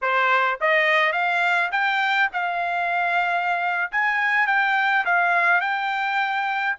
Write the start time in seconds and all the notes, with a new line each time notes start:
0.01 C5
0.61 D#5
1.12 F5
1.71 G5
2.32 F5
3.91 G#5
4.47 G5
5.05 F5
5.60 G5